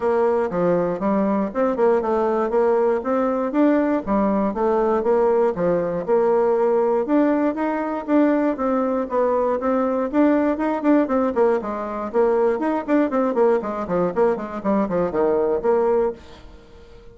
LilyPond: \new Staff \with { instrumentName = "bassoon" } { \time 4/4 \tempo 4 = 119 ais4 f4 g4 c'8 ais8 | a4 ais4 c'4 d'4 | g4 a4 ais4 f4 | ais2 d'4 dis'4 |
d'4 c'4 b4 c'4 | d'4 dis'8 d'8 c'8 ais8 gis4 | ais4 dis'8 d'8 c'8 ais8 gis8 f8 | ais8 gis8 g8 f8 dis4 ais4 | }